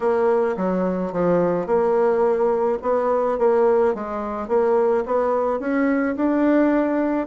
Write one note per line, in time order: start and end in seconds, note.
0.00 0.56 A#3
0.56 1.12 F#3
1.12 1.66 F3
1.66 2.78 A#3
2.82 3.38 B3
3.38 3.94 A#3
3.94 4.48 G#3
4.48 5.04 A#3
5.05 5.59 B3
5.59 6.15 C#4
6.16 7.27 D4